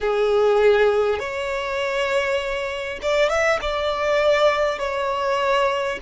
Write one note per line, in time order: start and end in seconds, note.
0.01 1.19 G#4
1.19 2.99 C#5
3.02 3.29 D5
3.29 3.59 E5
3.61 4.78 D5
4.78 5.98 C#5